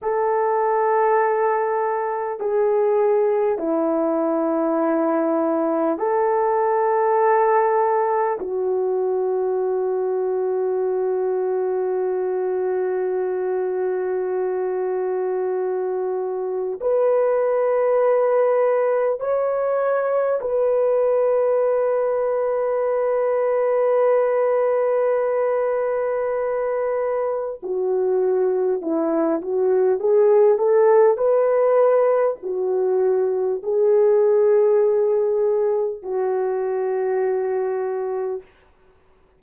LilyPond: \new Staff \with { instrumentName = "horn" } { \time 4/4 \tempo 4 = 50 a'2 gis'4 e'4~ | e'4 a'2 fis'4~ | fis'1~ | fis'2 b'2 |
cis''4 b'2.~ | b'2. fis'4 | e'8 fis'8 gis'8 a'8 b'4 fis'4 | gis'2 fis'2 | }